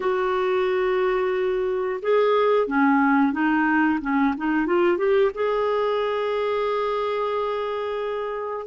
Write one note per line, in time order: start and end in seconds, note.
0.00 2.00 F#4
2.02 2.67 G#4
2.67 3.32 C#4
3.32 3.99 D#4
4.01 4.34 C#4
4.37 4.66 D#4
4.66 4.97 F4
4.97 5.31 G4
5.34 8.66 G#4